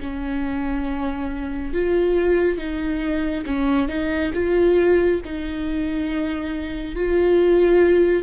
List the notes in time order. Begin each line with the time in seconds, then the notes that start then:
0.00 C#4
1.73 F4
2.58 D#4
3.46 C#4
3.88 D#4
4.34 F4
5.25 D#4
6.96 F4